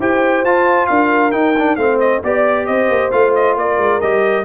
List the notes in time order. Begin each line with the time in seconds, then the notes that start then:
0.00 E4 G4 C5 G5
0.44 F4 A5
0.87 D4 A#4 F5
1.31 D#4 G5
1.58 D4
1.76 A3 C4 C5 F5
2.00 D#5
2.24 B3 G4 D5
2.66 C4 C5 D#5
2.89 A#3
3.12 A3 F4 F5
3.35 D#5
3.57 A#3 A#4 D5
3.78 G#3
4.01 G3 G4 D#5